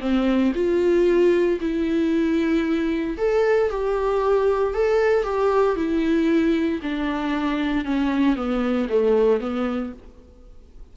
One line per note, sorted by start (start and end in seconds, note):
0.00 0.52 C4
0.55 1.59 F4
1.61 3.17 E4
3.18 3.70 A4
3.70 4.74 G4
4.74 5.24 A4
5.24 5.76 G4
5.76 6.80 E4
6.82 7.85 D4
7.85 8.36 C#4
8.36 8.88 B3
8.89 9.41 A3
9.41 9.93 B3